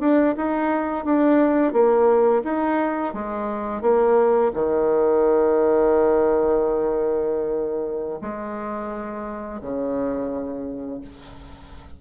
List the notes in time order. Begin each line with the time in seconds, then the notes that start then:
0.00 D4
0.36 D#4
1.05 D4
1.73 A#3
2.44 D#4
3.13 G#3
3.82 A#3
4.54 D#3
8.21 G#3
9.61 C#3